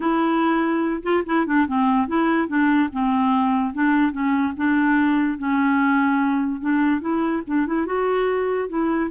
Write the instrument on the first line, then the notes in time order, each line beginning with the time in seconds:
clarinet
0.00 E4
1.02 F4
1.25 E4
1.46 D4
1.67 C4
2.07 E4
2.48 D4
2.92 C4
3.73 D4
4.12 C#4
4.56 D4
5.38 C#4
6.61 D4
7.00 E4
7.47 D4
7.66 E4
7.85 F#4
8.68 E4